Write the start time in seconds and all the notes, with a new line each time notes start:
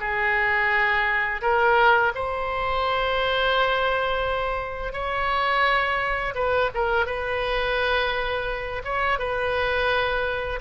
0.00 G#4
1.41 A#4
2.15 C5
4.93 C#5
6.35 B4
6.74 A#4
7.06 B4
8.84 C#5
9.19 B4